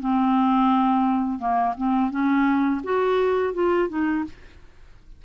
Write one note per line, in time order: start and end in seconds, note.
0.00 1.39 C4
1.39 1.74 A#3
1.77 2.10 C4
2.10 2.81 C#4
2.84 3.54 F#4
3.54 3.89 F4
3.89 4.24 D#4